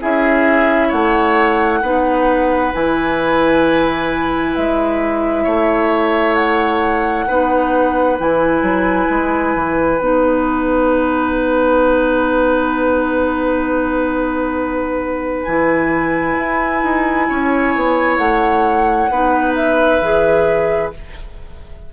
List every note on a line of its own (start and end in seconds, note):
0.00 0.92 C#4
0.00 1.82 E4
0.00 0.88 G#4
0.00 0.91 E5
0.88 1.82 A3
0.88 1.79 C#5
0.88 2.73 F#5
1.82 2.73 B3
1.82 2.73 D#4
1.82 5.43 B4
2.73 4.56 E3
2.73 7.27 E4
2.73 4.55 G#5
4.55 5.46 G#3
4.55 6.35 E5
5.43 7.28 A3
5.43 7.25 C#5
6.35 8.16 F#5
7.27 8.19 B3
7.27 8.18 D#4
7.27 17.27 B4
8.18 8.62 E3
8.18 10.00 E4
8.18 9.99 G#5
8.62 9.07 F#3
9.09 9.55 G#3
9.55 9.99 E3
9.99 15.45 B3
9.99 15.45 D#4
9.99 15.43 F#5
15.43 16.37 E3
15.43 19.11 E4
15.43 18.16 G#5
16.38 16.83 E4
16.83 17.28 D#4
17.29 17.75 C#4
17.29 19.10 C#5
17.75 18.18 B3
18.17 19.09 A3
18.17 19.53 F#5
19.10 20.01 B3
19.10 20.02 D#4
19.10 20.92 B4
19.55 20.91 E5
20.01 20.92 E3
20.01 20.93 G#4